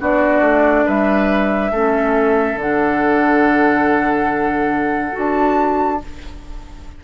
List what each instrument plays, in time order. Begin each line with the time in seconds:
0.00 bassoon B3, clarinet D4, oboe F#4, flute D5
0.41 bassoon A3
0.85 bassoon G3, oboe B4, flute E5
1.71 bassoon A3, clarinet C#4, oboe A4
2.55 bassoon D3, clarinet D4, flute F#5
5.12 bassoon D4, clarinet F#4
5.18 flute A5